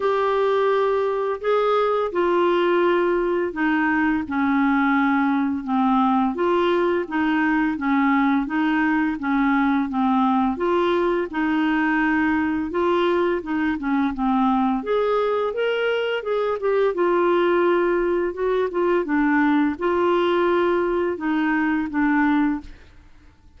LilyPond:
\new Staff \with { instrumentName = "clarinet" } { \time 4/4 \tempo 4 = 85 g'2 gis'4 f'4~ | f'4 dis'4 cis'2 | c'4 f'4 dis'4 cis'4 | dis'4 cis'4 c'4 f'4 |
dis'2 f'4 dis'8 cis'8 | c'4 gis'4 ais'4 gis'8 g'8 | f'2 fis'8 f'8 d'4 | f'2 dis'4 d'4 | }